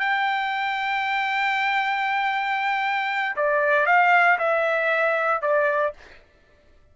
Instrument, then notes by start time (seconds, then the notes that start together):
trumpet
0.00 G5
3.36 D5
3.87 F5
4.39 E5
5.42 D5